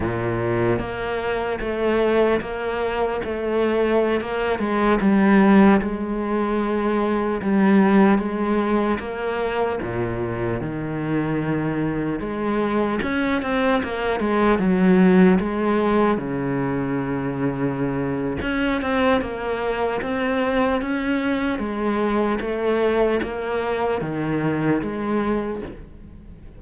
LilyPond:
\new Staff \with { instrumentName = "cello" } { \time 4/4 \tempo 4 = 75 ais,4 ais4 a4 ais4 | a4~ a16 ais8 gis8 g4 gis8.~ | gis4~ gis16 g4 gis4 ais8.~ | ais16 ais,4 dis2 gis8.~ |
gis16 cis'8 c'8 ais8 gis8 fis4 gis8.~ | gis16 cis2~ cis8. cis'8 c'8 | ais4 c'4 cis'4 gis4 | a4 ais4 dis4 gis4 | }